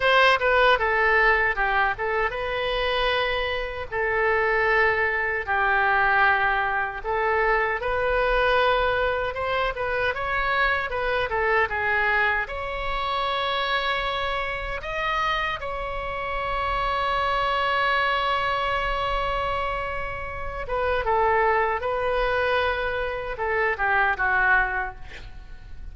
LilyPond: \new Staff \with { instrumentName = "oboe" } { \time 4/4 \tempo 4 = 77 c''8 b'8 a'4 g'8 a'8 b'4~ | b'4 a'2 g'4~ | g'4 a'4 b'2 | c''8 b'8 cis''4 b'8 a'8 gis'4 |
cis''2. dis''4 | cis''1~ | cis''2~ cis''8 b'8 a'4 | b'2 a'8 g'8 fis'4 | }